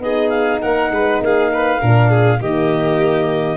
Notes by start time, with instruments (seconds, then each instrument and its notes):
0.00 tuba B3, horn D#4, violin G#4, clarinet D#5
0.29 clarinet F5
0.61 tuba A#3, violin A#4, clarinet F#5
0.91 tuba G#3, violin B4
1.21 tuba A#3, violin G#4, clarinet F5
1.53 violin B4
1.80 tuba A#2, horn D4, violin A#4
2.10 violin G#4
2.41 tuba D#3, horn A#3, violin G4, clarinet D#5